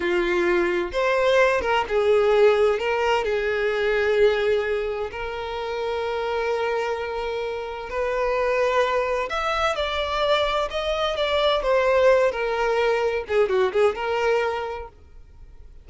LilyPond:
\new Staff \with { instrumentName = "violin" } { \time 4/4 \tempo 4 = 129 f'2 c''4. ais'8 | gis'2 ais'4 gis'4~ | gis'2. ais'4~ | ais'1~ |
ais'4 b'2. | e''4 d''2 dis''4 | d''4 c''4. ais'4.~ | ais'8 gis'8 fis'8 gis'8 ais'2 | }